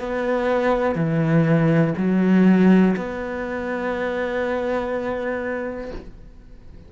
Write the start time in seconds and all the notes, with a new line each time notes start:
0.00 B3
0.96 E3
1.98 F#3
2.96 B3